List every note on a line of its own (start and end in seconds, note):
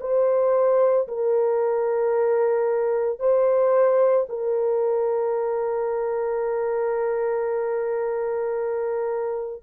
0.00 1.07 C5
1.08 3.19 A#4
3.19 4.27 C5
4.29 9.63 A#4